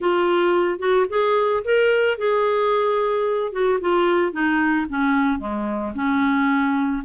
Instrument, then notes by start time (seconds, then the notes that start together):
clarinet
0.00 F4
0.79 F#4
1.09 G#4
1.64 A#4
2.18 G#4
3.52 F#4
3.80 F4
4.32 D#4
4.89 C#4
5.39 G#3
5.95 C#4